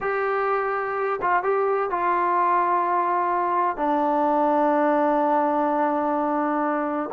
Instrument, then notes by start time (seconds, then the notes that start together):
trombone
0.00 G4
1.21 F4
1.43 G4
1.90 F4
3.76 D4